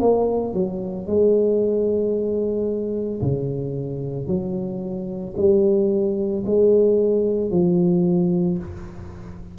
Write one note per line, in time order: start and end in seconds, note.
0.00 0.54 A#3
0.54 1.07 F#3
1.07 3.21 G#3
3.22 4.27 C#3
4.27 5.34 F#3
5.37 6.44 G3
6.46 7.51 G#3
7.51 8.58 F3